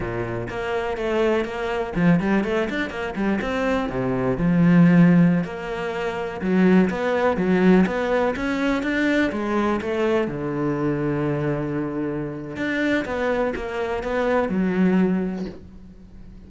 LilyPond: \new Staff \with { instrumentName = "cello" } { \time 4/4 \tempo 4 = 124 ais,4 ais4 a4 ais4 | f8 g8 a8 d'8 ais8 g8 c'4 | c4 f2~ f16 ais8.~ | ais4~ ais16 fis4 b4 fis8.~ |
fis16 b4 cis'4 d'4 gis8.~ | gis16 a4 d2~ d8.~ | d2 d'4 b4 | ais4 b4 fis2 | }